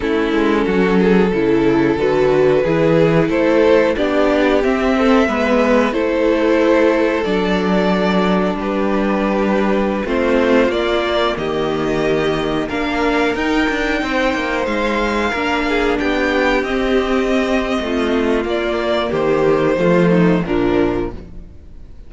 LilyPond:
<<
  \new Staff \with { instrumentName = "violin" } { \time 4/4 \tempo 4 = 91 a'2. b'4~ | b'4 c''4 d''4 e''4~ | e''4 c''2 d''4~ | d''4 b'2~ b'16 c''8.~ |
c''16 d''4 dis''2 f''8.~ | f''16 g''2 f''4.~ f''16~ | f''16 g''4 dis''2~ dis''8. | d''4 c''2 ais'4 | }
  \new Staff \with { instrumentName = "violin" } { \time 4/4 e'4 fis'8 gis'8 a'2 | gis'4 a'4 g'4. a'8 | b'4 a'2.~ | a'4 g'2~ g'16 f'8.~ |
f'4~ f'16 g'2 ais'8.~ | ais'4~ ais'16 c''2 ais'8 gis'16~ | gis'16 g'2~ g'8. f'4~ | f'4 g'4 f'8 dis'8 d'4 | }
  \new Staff \with { instrumentName = "viola" } { \time 4/4 cis'2 e'4 fis'4 | e'2 d'4 c'4 | b4 e'2 d'4~ | d'2.~ d'16 c'8.~ |
c'16 ais2. d'8.~ | d'16 dis'2. d'8.~ | d'4~ d'16 c'2~ c'8. | ais2 a4 f4 | }
  \new Staff \with { instrumentName = "cello" } { \time 4/4 a8 gis8 fis4 cis4 d4 | e4 a4 b4 c'4 | gis4 a2 fis4~ | fis4 g2~ g16 a8.~ |
a16 ais4 dis2 ais8.~ | ais16 dis'8 d'8 c'8 ais8 gis4 ais8.~ | ais16 b4 c'4.~ c'16 a4 | ais4 dis4 f4 ais,4 | }
>>